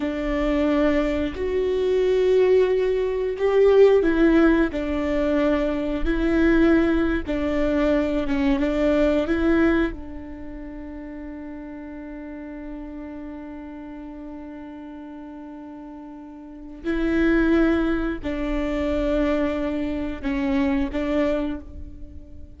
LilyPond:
\new Staff \with { instrumentName = "viola" } { \time 4/4 \tempo 4 = 89 d'2 fis'2~ | fis'4 g'4 e'4 d'4~ | d'4 e'4.~ e'16 d'4~ d'16~ | d'16 cis'8 d'4 e'4 d'4~ d'16~ |
d'1~ | d'1~ | d'4 e'2 d'4~ | d'2 cis'4 d'4 | }